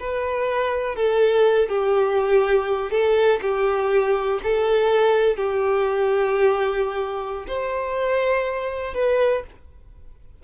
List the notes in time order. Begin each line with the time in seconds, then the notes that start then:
0.00 B4
0.96 A4
1.69 G4
2.92 A4
3.42 G4
4.44 A4
5.37 G4
7.48 C5
8.94 B4